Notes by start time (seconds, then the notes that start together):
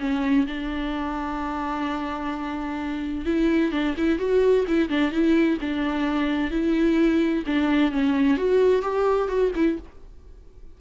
0.00 C#4
0.47 D4
3.26 E4
3.72 D4
3.97 E4
4.19 F#4
4.68 E4
4.89 D4
5.12 E4
5.61 D4
6.51 E4
7.47 D4
7.92 C#4
8.37 F#4
8.82 G4
9.28 F#4
9.55 E4